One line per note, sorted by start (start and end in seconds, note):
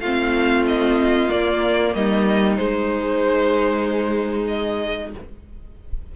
0.00 1.28 A3
0.00 1.29 C4
0.00 1.93 F4
0.00 0.64 F5
0.67 1.30 D#5
1.29 2.56 A#3
1.29 1.95 A#3
1.29 1.94 D5
1.95 2.59 G3
1.95 5.16 D#4
1.95 2.57 D#5
2.57 5.12 G#3
2.57 5.14 G#3
2.57 4.47 C5
4.47 5.11 D#5